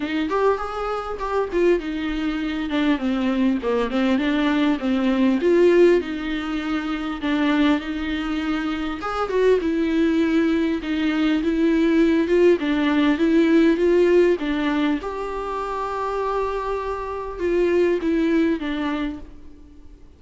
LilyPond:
\new Staff \with { instrumentName = "viola" } { \time 4/4 \tempo 4 = 100 dis'8 g'8 gis'4 g'8 f'8 dis'4~ | dis'8 d'8 c'4 ais8 c'8 d'4 | c'4 f'4 dis'2 | d'4 dis'2 gis'8 fis'8 |
e'2 dis'4 e'4~ | e'8 f'8 d'4 e'4 f'4 | d'4 g'2.~ | g'4 f'4 e'4 d'4 | }